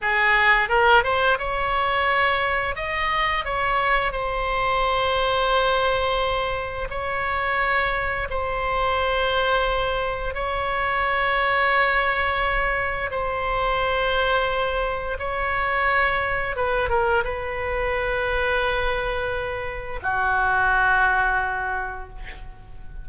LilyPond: \new Staff \with { instrumentName = "oboe" } { \time 4/4 \tempo 4 = 87 gis'4 ais'8 c''8 cis''2 | dis''4 cis''4 c''2~ | c''2 cis''2 | c''2. cis''4~ |
cis''2. c''4~ | c''2 cis''2 | b'8 ais'8 b'2.~ | b'4 fis'2. | }